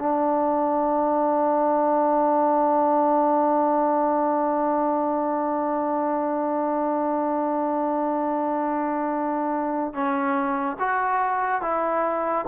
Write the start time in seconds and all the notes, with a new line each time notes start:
0.00 D4
9.94 C#4
10.80 F#4
11.62 E4